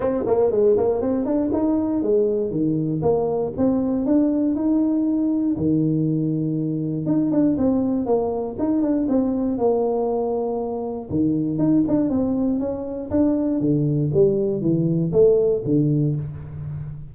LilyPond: \new Staff \with { instrumentName = "tuba" } { \time 4/4 \tempo 4 = 119 c'8 ais8 gis8 ais8 c'8 d'8 dis'4 | gis4 dis4 ais4 c'4 | d'4 dis'2 dis4~ | dis2 dis'8 d'8 c'4 |
ais4 dis'8 d'8 c'4 ais4~ | ais2 dis4 dis'8 d'8 | c'4 cis'4 d'4 d4 | g4 e4 a4 d4 | }